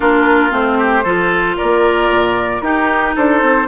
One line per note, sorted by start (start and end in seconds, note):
0.00 0.51 A#3
0.00 0.50 D4
0.00 0.77 F4
0.00 0.53 A#4
0.50 1.04 A3
0.50 1.02 C4
0.50 1.57 C5
0.77 1.04 G4
1.04 1.57 F3
1.04 2.62 F4
1.04 1.56 A4
1.56 2.10 A#3
1.56 2.62 A#4
1.56 2.61 D5
2.10 2.62 A#2
2.61 3.14 D#4
2.61 3.67 D#4
2.61 3.15 G4
2.61 3.14 A#4
3.15 3.41 D4
3.15 3.67 A4
3.15 3.67 C5
3.41 3.67 C4